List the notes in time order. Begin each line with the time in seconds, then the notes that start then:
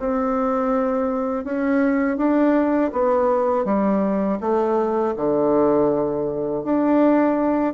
0.00 C4
1.45 C#4
2.18 D4
2.93 B3
3.65 G3
4.41 A3
5.16 D3
6.64 D4